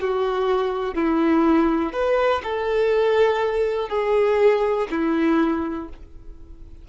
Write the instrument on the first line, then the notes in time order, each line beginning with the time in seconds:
violin
0.00 F#4
0.94 E4
1.92 B4
2.43 A4
3.89 G#4
4.90 E4